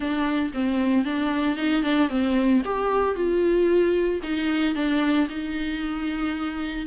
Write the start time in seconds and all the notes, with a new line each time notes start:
0.00 D4
0.53 C4
1.05 D4
1.56 D#4
1.83 D4
2.09 C4
2.65 G4
3.15 F4
4.22 D#4
4.75 D4
5.29 D#4